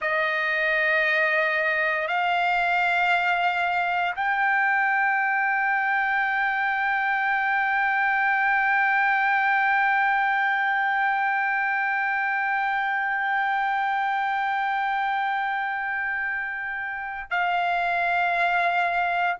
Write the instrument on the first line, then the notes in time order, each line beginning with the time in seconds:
trumpet
0.01 D#5
2.07 F5
4.15 G5
17.30 F5